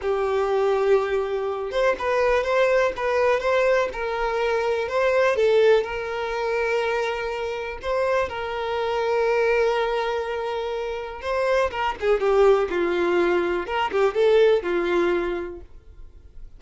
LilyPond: \new Staff \with { instrumentName = "violin" } { \time 4/4 \tempo 4 = 123 g'2.~ g'8 c''8 | b'4 c''4 b'4 c''4 | ais'2 c''4 a'4 | ais'1 |
c''4 ais'2.~ | ais'2. c''4 | ais'8 gis'8 g'4 f'2 | ais'8 g'8 a'4 f'2 | }